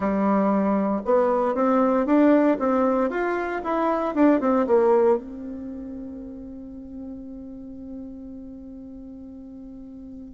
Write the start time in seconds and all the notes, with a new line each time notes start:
0.00 G3
1.05 B3
1.54 C4
2.05 D4
2.59 C4
3.09 F4
3.63 E4
4.14 D4
4.40 C4
4.66 A#3
5.17 C4